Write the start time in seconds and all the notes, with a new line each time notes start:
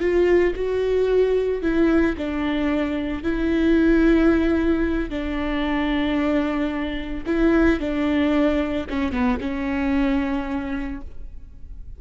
0.00 F4
0.55 F#4
1.62 E4
2.17 D4
3.23 E4
5.09 D4
7.26 E4
7.79 D4
8.89 C#4
9.12 B3
9.40 C#4